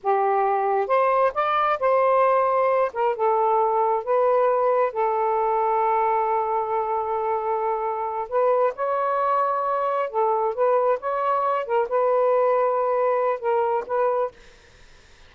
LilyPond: \new Staff \with { instrumentName = "saxophone" } { \time 4/4 \tempo 4 = 134 g'2 c''4 d''4 | c''2~ c''8 ais'8 a'4~ | a'4 b'2 a'4~ | a'1~ |
a'2~ a'8 b'4 cis''8~ | cis''2~ cis''8 a'4 b'8~ | b'8 cis''4. ais'8 b'4.~ | b'2 ais'4 b'4 | }